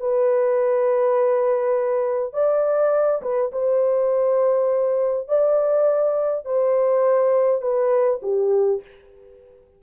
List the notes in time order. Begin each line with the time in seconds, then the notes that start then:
0.00 B4
2.33 D5
3.22 B4
3.52 C5
5.28 D5
6.45 C5
7.62 B4
8.22 G4